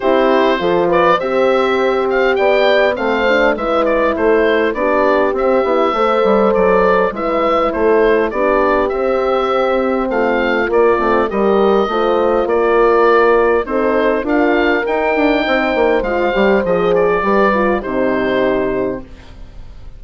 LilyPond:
<<
  \new Staff \with { instrumentName = "oboe" } { \time 4/4 \tempo 4 = 101 c''4. d''8 e''4. f''8 | g''4 f''4 e''8 d''8 c''4 | d''4 e''2 d''4 | e''4 c''4 d''4 e''4~ |
e''4 f''4 d''4 dis''4~ | dis''4 d''2 c''4 | f''4 g''2 f''4 | dis''8 d''4. c''2 | }
  \new Staff \with { instrumentName = "horn" } { \time 4/4 g'4 a'8 b'8 c''2 | d''4 c''4 b'4 a'4 | g'2 c''2 | b'4 a'4 g'2~ |
g'4 f'2 ais'4 | c''4 ais'2 a'4 | ais'2 c''2~ | c''4 b'4 g'2 | }
  \new Staff \with { instrumentName = "horn" } { \time 4/4 e'4 f'4 g'2~ | g'4 c'8 d'8 e'2 | d'4 c'8 e'8 a'2 | e'2 d'4 c'4~ |
c'2 ais8 c'8 g'4 | f'2. dis'4 | f'4 dis'2 f'8 g'8 | gis'4 g'8 f'8 dis'2 | }
  \new Staff \with { instrumentName = "bassoon" } { \time 4/4 c'4 f4 c'2 | b4 a4 gis4 a4 | b4 c'8 b8 a8 g8 fis4 | gis4 a4 b4 c'4~ |
c'4 a4 ais8 a8 g4 | a4 ais2 c'4 | d'4 dis'8 d'8 c'8 ais8 gis8 g8 | f4 g4 c2 | }
>>